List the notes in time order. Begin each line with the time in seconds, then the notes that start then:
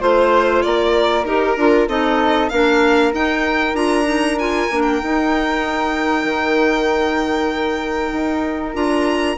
0.00 A3 F4 C5
0.62 A#3 A#4 D5
1.25 D#4 G4 A#4
1.57 D4 F4
1.88 C4 D#4 A4 D#5
2.49 A#3 D4 A#4 F5
3.13 D#4 G5
3.74 D4 F4 A#5
4.05 D#4
4.39 F4 G#5
4.71 A#3 D4
4.82 G5
5.03 D#4
6.25 D#3
8.13 D#4
8.74 D4 F4 A#5